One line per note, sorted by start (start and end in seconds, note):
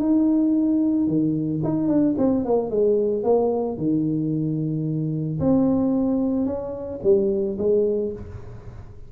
0.00 1.08 D#4
1.08 1.62 D#3
1.64 1.88 D#4
1.88 2.15 D4
2.18 2.45 C4
2.45 2.71 A#3
2.71 3.24 G#3
3.24 3.78 A#3
3.78 5.40 D#3
5.40 6.46 C4
6.46 7.00 C#4
7.04 7.58 G3
7.59 8.13 G#3